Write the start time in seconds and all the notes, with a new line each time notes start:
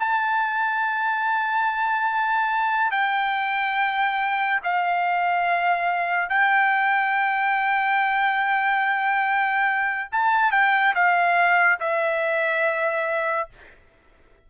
0.00 A5
2.92 G5
4.64 F5
6.30 G5
10.12 A5
10.52 G5
10.95 F5
11.80 E5